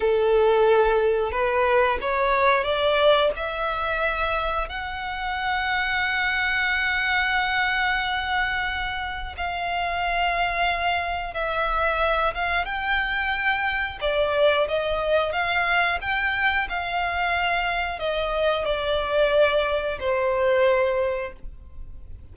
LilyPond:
\new Staff \with { instrumentName = "violin" } { \time 4/4 \tempo 4 = 90 a'2 b'4 cis''4 | d''4 e''2 fis''4~ | fis''1~ | fis''2 f''2~ |
f''4 e''4. f''8 g''4~ | g''4 d''4 dis''4 f''4 | g''4 f''2 dis''4 | d''2 c''2 | }